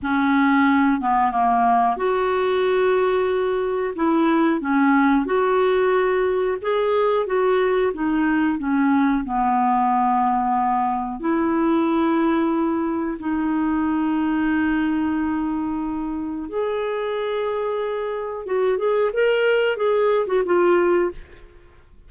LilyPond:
\new Staff \with { instrumentName = "clarinet" } { \time 4/4 \tempo 4 = 91 cis'4. b8 ais4 fis'4~ | fis'2 e'4 cis'4 | fis'2 gis'4 fis'4 | dis'4 cis'4 b2~ |
b4 e'2. | dis'1~ | dis'4 gis'2. | fis'8 gis'8 ais'4 gis'8. fis'16 f'4 | }